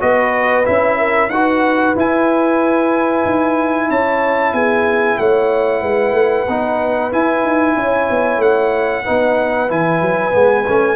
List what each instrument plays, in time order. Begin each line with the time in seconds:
0.00 tuba B3, trombone F#4, horn B4, trumpet D#5
0.66 tuba C#4, trombone E4, trumpet E5
0.99 horn A#4
1.30 tuba D#4, trombone F#4, horn B4, trumpet F#5
1.96 tuba E4, trombone E4, trumpet G#5
3.25 tuba D#4
3.90 tuba C#4, horn C#5, trumpet A5
4.53 tuba B3, horn G#4, trumpet G#5
5.18 tuba A3, horn C#5, trumpet F#5
5.81 tuba G#3, horn B4
6.13 tuba A3
6.48 tuba B3, trombone D#4
7.11 trombone E4, tuba E4, trumpet G#5
7.43 tuba D#4
7.76 tuba C#4, horn C#5
8.10 tuba B3
8.38 tuba A3, trumpet F#5
9.04 tuba B3, trombone D#4, horn B4
9.69 tuba E3, trombone E4, trumpet G#5
10.02 tuba F#3
10.32 tuba G#3, trombone B3
10.68 tuba A3, trombone C#4